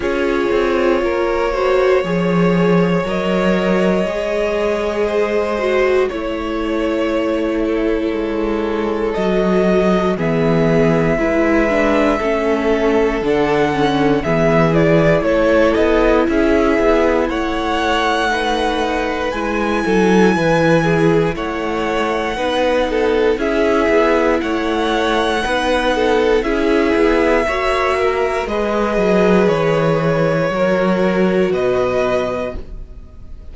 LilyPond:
<<
  \new Staff \with { instrumentName = "violin" } { \time 4/4 \tempo 4 = 59 cis''2. dis''4~ | dis''2 cis''2~ | cis''4 dis''4 e''2~ | e''4 fis''4 e''8 d''8 cis''8 dis''8 |
e''4 fis''2 gis''4~ | gis''4 fis''2 e''4 | fis''2 e''2 | dis''4 cis''2 dis''4 | }
  \new Staff \with { instrumentName = "violin" } { \time 4/4 gis'4 ais'8 c''8 cis''2~ | cis''4 c''4 cis''4. a'8~ | a'2 gis'4 b'4 | a'2 gis'4 a'4 |
gis'4 cis''4 b'4. a'8 | b'8 gis'8 cis''4 b'8 a'8 gis'4 | cis''4 b'8 a'8 gis'4 cis''8 ais'8 | b'2 ais'4 b'4 | }
  \new Staff \with { instrumentName = "viola" } { \time 4/4 f'4. fis'8 gis'4 ais'4 | gis'4. fis'8 e'2~ | e'4 fis'4 b4 e'8 d'8 | cis'4 d'8 cis'8 b8 e'4.~ |
e'2 dis'4 e'4~ | e'2 dis'4 e'4~ | e'4 dis'4 e'4 fis'4 | gis'2 fis'2 | }
  \new Staff \with { instrumentName = "cello" } { \time 4/4 cis'8 c'8 ais4 f4 fis4 | gis2 a2 | gis4 fis4 e4 gis4 | a4 d4 e4 a8 b8 |
cis'8 b8 a2 gis8 fis8 | e4 a4 b4 cis'8 b8 | a4 b4 cis'8 b8 ais4 | gis8 fis8 e4 fis4 b,4 | }
>>